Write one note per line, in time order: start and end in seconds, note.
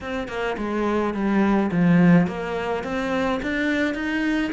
0.00 0.28 C4
0.28 0.56 A#3
0.57 1.13 G#3
1.13 1.70 G3
1.71 2.27 F3
2.27 2.83 A#3
2.83 3.40 C4
3.42 3.94 D4
3.94 4.51 D#4